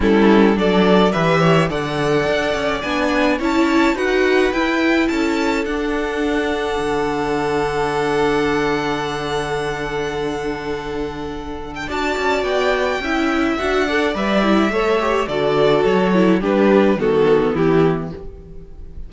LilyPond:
<<
  \new Staff \with { instrumentName = "violin" } { \time 4/4 \tempo 4 = 106 a'4 d''4 e''4 fis''4~ | fis''4 gis''4 a''4 fis''4 | g''4 a''4 fis''2~ | fis''1~ |
fis''1~ | fis''8. g''16 a''4 g''2 | fis''4 e''2 d''4 | cis''4 b'4 a'4 g'4 | }
  \new Staff \with { instrumentName = "violin" } { \time 4/4 e'4 a'4 b'8 cis''8 d''4~ | d''2 cis''4 b'4~ | b'4 a'2.~ | a'1~ |
a'1~ | a'4 d''2 e''4~ | e''8 d''4. cis''4 a'4~ | a'4 g'4 fis'4 e'4 | }
  \new Staff \with { instrumentName = "viola" } { \time 4/4 cis'4 d'4 g'4 a'4~ | a'4 d'4 e'4 fis'4 | e'2 d'2~ | d'1~ |
d'1~ | d'4 fis'2 e'4 | fis'8 a'8 b'8 e'8 a'8 g'8 fis'4~ | fis'8 e'8 d'4 b2 | }
  \new Staff \with { instrumentName = "cello" } { \time 4/4 g4 fis4 e4 d4 | d'8 cis'8 b4 cis'4 dis'4 | e'4 cis'4 d'2 | d1~ |
d1~ | d4 d'8 cis'8 b4 cis'4 | d'4 g4 a4 d4 | fis4 g4 dis4 e4 | }
>>